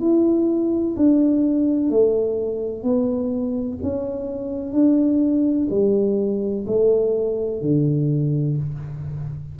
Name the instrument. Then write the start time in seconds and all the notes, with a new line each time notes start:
tuba
0.00 E4
0.96 D4
1.90 A3
2.83 B3
3.82 C#4
4.72 D4
5.70 G3
6.67 A3
7.61 D3